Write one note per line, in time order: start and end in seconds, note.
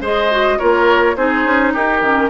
0.00 0.57 G#3
0.00 0.31 G#4
0.00 0.58 C5
0.00 0.58 D#5
0.31 0.59 F#4
0.58 1.16 A#3
0.58 1.16 F4
0.58 1.15 A#4
0.58 1.15 C#5
1.16 1.45 C4
1.16 2.01 D#4
1.16 1.73 G#4
1.16 1.73 C5
1.45 1.73 C#4
1.73 2.01 D#4
1.73 2.30 G4
1.73 2.30 A#4
2.01 2.29 D#3
2.01 2.30 C#4